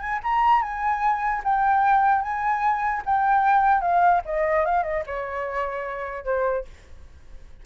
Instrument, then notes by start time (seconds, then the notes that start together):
flute
0.00 G#5
0.24 A#5
0.62 G#5
1.44 G5
2.22 G#5
3.06 G5
3.81 F5
4.26 D#5
4.66 F5
4.84 D#5
5.07 C#5
6.25 C5